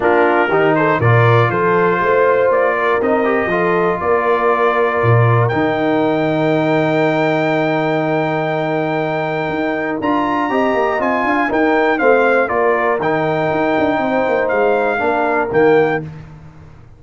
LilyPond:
<<
  \new Staff \with { instrumentName = "trumpet" } { \time 4/4 \tempo 4 = 120 ais'4. c''8 d''4 c''4~ | c''4 d''4 dis''2 | d''2. g''4~ | g''1~ |
g''1 | ais''2 gis''4 g''4 | f''4 d''4 g''2~ | g''4 f''2 g''4 | }
  \new Staff \with { instrumentName = "horn" } { \time 4/4 f'4 g'8 a'8 ais'4 a'4 | c''4. ais'4. a'4 | ais'1~ | ais'1~ |
ais'1~ | ais'4 dis''4. f''8 ais'4 | c''4 ais'2. | c''2 ais'2 | }
  \new Staff \with { instrumentName = "trombone" } { \time 4/4 d'4 dis'4 f'2~ | f'2 dis'8 g'8 f'4~ | f'2. dis'4~ | dis'1~ |
dis'1 | f'4 g'4 f'4 dis'4 | c'4 f'4 dis'2~ | dis'2 d'4 ais4 | }
  \new Staff \with { instrumentName = "tuba" } { \time 4/4 ais4 dis4 ais,4 f4 | a4 ais4 c'4 f4 | ais2 ais,4 dis4~ | dis1~ |
dis2. dis'4 | d'4 c'8 ais8 c'8 d'8 dis'4 | a4 ais4 dis4 dis'8 d'8 | c'8 ais8 gis4 ais4 dis4 | }
>>